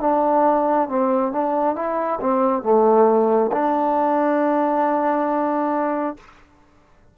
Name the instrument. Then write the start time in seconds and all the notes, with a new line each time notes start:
trombone
0.00 D4
0.89 C4
1.32 D4
1.75 E4
2.21 C4
2.63 A3
3.52 D4